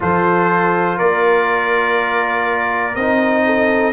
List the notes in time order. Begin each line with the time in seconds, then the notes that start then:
0.00 F3 F4 A4 C5
0.97 A#3 A#4 D5
2.95 C4 D#4 D#5
3.45 A4